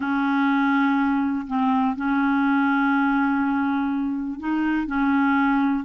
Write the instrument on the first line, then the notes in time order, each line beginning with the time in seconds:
clarinet
0.00 C#4
1.47 C4
1.96 C#4
4.39 D#4
4.86 C#4